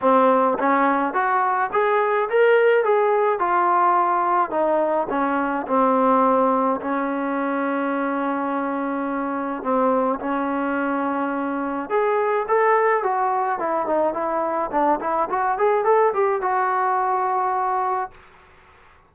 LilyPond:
\new Staff \with { instrumentName = "trombone" } { \time 4/4 \tempo 4 = 106 c'4 cis'4 fis'4 gis'4 | ais'4 gis'4 f'2 | dis'4 cis'4 c'2 | cis'1~ |
cis'4 c'4 cis'2~ | cis'4 gis'4 a'4 fis'4 | e'8 dis'8 e'4 d'8 e'8 fis'8 gis'8 | a'8 g'8 fis'2. | }